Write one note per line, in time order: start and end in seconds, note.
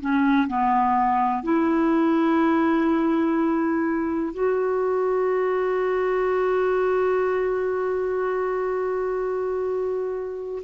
0.00 0.48 C#4
0.48 1.43 B3
1.43 4.33 E4
4.33 10.62 F#4